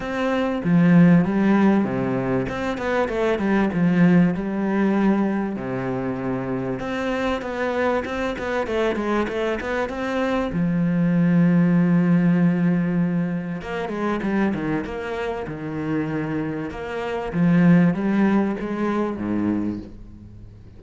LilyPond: \new Staff \with { instrumentName = "cello" } { \time 4/4 \tempo 4 = 97 c'4 f4 g4 c4 | c'8 b8 a8 g8 f4 g4~ | g4 c2 c'4 | b4 c'8 b8 a8 gis8 a8 b8 |
c'4 f2.~ | f2 ais8 gis8 g8 dis8 | ais4 dis2 ais4 | f4 g4 gis4 gis,4 | }